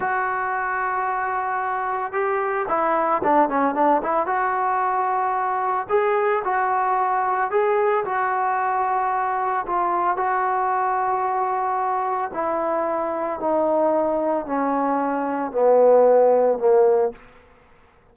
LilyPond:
\new Staff \with { instrumentName = "trombone" } { \time 4/4 \tempo 4 = 112 fis'1 | g'4 e'4 d'8 cis'8 d'8 e'8 | fis'2. gis'4 | fis'2 gis'4 fis'4~ |
fis'2 f'4 fis'4~ | fis'2. e'4~ | e'4 dis'2 cis'4~ | cis'4 b2 ais4 | }